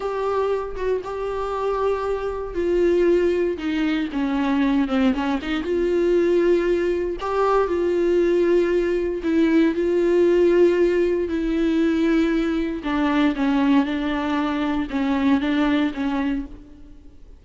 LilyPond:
\new Staff \with { instrumentName = "viola" } { \time 4/4 \tempo 4 = 117 g'4. fis'8 g'2~ | g'4 f'2 dis'4 | cis'4. c'8 cis'8 dis'8 f'4~ | f'2 g'4 f'4~ |
f'2 e'4 f'4~ | f'2 e'2~ | e'4 d'4 cis'4 d'4~ | d'4 cis'4 d'4 cis'4 | }